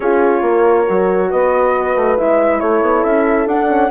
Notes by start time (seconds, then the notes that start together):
0.00 C#4 F4 G#4 C#5
0.42 A#3 A#4
0.87 F#3 F#4
1.30 B3 B4 D#5
1.96 A3
2.17 G#3 E4 E5
2.60 A3 A4 C#5
2.81 B3
3.03 C#4 E5
3.46 D4 F#5
3.68 C#4